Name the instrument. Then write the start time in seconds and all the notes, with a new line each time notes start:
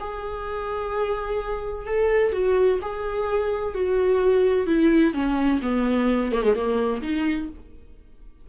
viola
0.00 G#4
1.87 A4
2.33 F#4
2.82 G#4
3.75 F#4
4.67 E4
5.14 C#4
5.62 B3
6.32 A#3
6.43 G#3
6.55 A#3
7.02 D#4